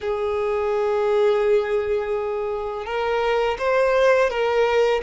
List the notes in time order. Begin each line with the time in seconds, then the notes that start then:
0.01 G#4
2.85 A#4
3.58 C5
4.30 A#4